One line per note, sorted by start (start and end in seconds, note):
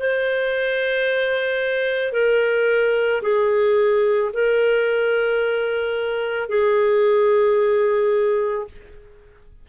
0.00 2.13 C5
2.13 3.22 A#4
3.22 4.31 G#4
4.34 6.49 A#4
6.49 8.67 G#4